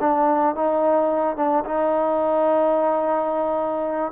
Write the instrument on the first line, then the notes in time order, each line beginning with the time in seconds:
trombone
0.00 D4
0.55 D#4
1.36 D4
1.65 D#4